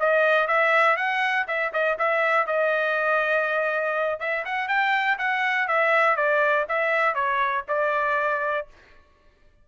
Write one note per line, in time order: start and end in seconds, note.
0.00 0.48 D#5
0.48 0.97 E5
0.97 1.46 F#5
1.47 1.72 E5
1.73 1.98 D#5
1.99 2.47 E5
2.47 4.20 D#5
4.20 4.45 E5
4.45 4.69 F#5
4.69 5.18 G5
5.18 5.68 F#5
5.68 6.16 E5
6.16 6.66 D5
6.69 7.15 E5
7.15 7.64 C#5
7.69 8.68 D5